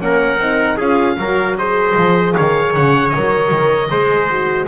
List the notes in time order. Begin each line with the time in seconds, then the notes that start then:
0.00 A#3 C#4 A#4 F#5
0.38 C4 D#4
0.77 C#4 F4 G#4 F5
1.17 F#3 F#4 A#4
1.57 G#4 C5 D#5
1.96 F3
2.35 D#3 C#5 F5
2.75 C#3 F#5
3.09 A#4 D#5
3.16 F#3
3.51 D#3
3.90 G#3 G#4 C5
4.30 F#4